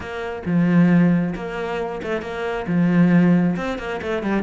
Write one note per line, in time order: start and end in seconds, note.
0.00 0.42 A#3
0.45 1.34 F3
1.35 2.01 A#3
2.02 2.21 A3
2.21 2.65 A#3
2.67 3.56 F3
3.56 3.78 C4
3.78 4.00 A#3
4.01 4.22 A3
4.22 4.42 G3